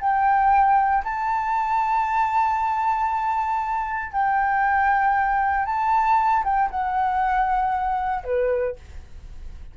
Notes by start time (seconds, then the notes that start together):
0.00 G5
1.04 A5
4.12 G5
5.66 A5
6.44 G5
6.71 F#5
8.24 B4